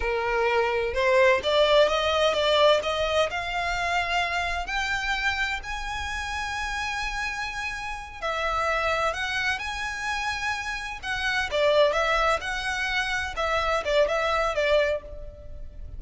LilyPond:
\new Staff \with { instrumentName = "violin" } { \time 4/4 \tempo 4 = 128 ais'2 c''4 d''4 | dis''4 d''4 dis''4 f''4~ | f''2 g''2 | gis''1~ |
gis''4. e''2 fis''8~ | fis''8 gis''2. fis''8~ | fis''8 d''4 e''4 fis''4.~ | fis''8 e''4 d''8 e''4 d''4 | }